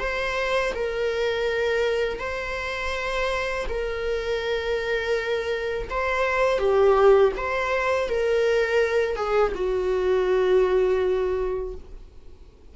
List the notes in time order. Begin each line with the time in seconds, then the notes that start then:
0.00 C5
0.75 A#4
2.20 C5
3.70 A#4
5.90 C5
6.59 G4
7.37 C5
8.10 A#4
9.17 G#4
9.56 F#4